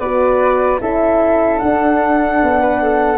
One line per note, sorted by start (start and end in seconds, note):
0.00 0.81 B3
0.00 0.79 F#4
0.00 0.80 B4
0.00 0.80 D5
0.79 1.61 C#4
0.79 1.59 E4
0.79 2.61 A4
0.79 1.59 E5
1.59 3.18 D4
1.59 2.43 D4
1.59 3.18 F#5
2.43 3.18 B3
2.61 2.81 B4
2.83 3.18 A4